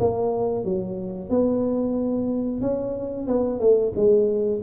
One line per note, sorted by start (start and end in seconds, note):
0.00 0.65 A#3
0.65 1.30 F#3
1.30 2.61 B3
2.61 3.27 C#4
3.28 3.60 B3
3.60 3.93 A3
3.96 4.62 G#3